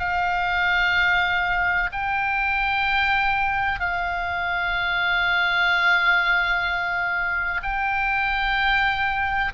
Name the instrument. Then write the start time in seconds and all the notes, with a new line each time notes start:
oboe
0.00 F5
1.93 G5
3.80 F5
7.63 G5